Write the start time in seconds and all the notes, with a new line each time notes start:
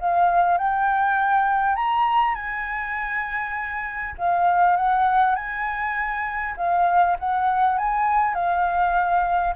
0.00 F5
0.58 G5
1.76 A#5
2.35 G#5
4.18 F5
4.77 F#5
5.35 G#5
6.57 F5
7.19 F#5
7.78 G#5
8.35 F5